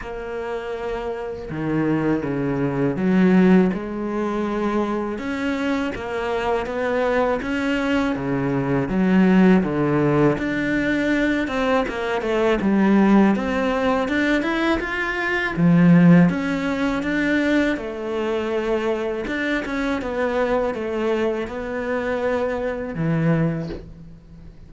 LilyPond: \new Staff \with { instrumentName = "cello" } { \time 4/4 \tempo 4 = 81 ais2 dis4 cis4 | fis4 gis2 cis'4 | ais4 b4 cis'4 cis4 | fis4 d4 d'4. c'8 |
ais8 a8 g4 c'4 d'8 e'8 | f'4 f4 cis'4 d'4 | a2 d'8 cis'8 b4 | a4 b2 e4 | }